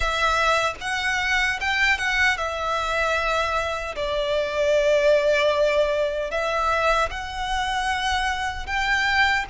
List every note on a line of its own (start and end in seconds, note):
0.00 0.74 E5
0.80 1.59 F#5
1.60 1.98 G5
1.98 2.37 F#5
2.37 3.95 E5
3.95 6.31 D5
6.31 7.09 E5
7.10 8.66 F#5
8.66 9.45 G5